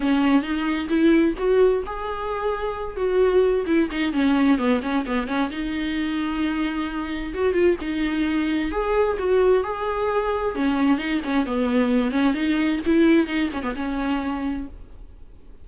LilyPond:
\new Staff \with { instrumentName = "viola" } { \time 4/4 \tempo 4 = 131 cis'4 dis'4 e'4 fis'4 | gis'2~ gis'8 fis'4. | e'8 dis'8 cis'4 b8 cis'8 b8 cis'8 | dis'1 |
fis'8 f'8 dis'2 gis'4 | fis'4 gis'2 cis'4 | dis'8 cis'8 b4. cis'8 dis'4 | e'4 dis'8 cis'16 b16 cis'2 | }